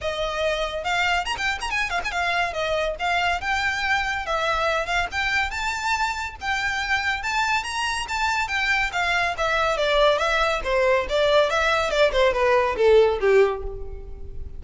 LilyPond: \new Staff \with { instrumentName = "violin" } { \time 4/4 \tempo 4 = 141 dis''2 f''4 ais''16 g''8 ais''16 | gis''8 f''16 gis''16 f''4 dis''4 f''4 | g''2 e''4. f''8 | g''4 a''2 g''4~ |
g''4 a''4 ais''4 a''4 | g''4 f''4 e''4 d''4 | e''4 c''4 d''4 e''4 | d''8 c''8 b'4 a'4 g'4 | }